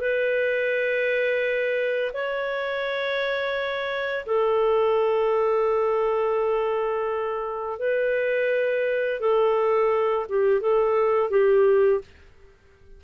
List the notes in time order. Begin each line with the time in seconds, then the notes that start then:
0.00 B4
2.13 C#5
4.26 A4
7.79 B4
9.20 A4
10.29 G4
10.61 A4
11.30 G4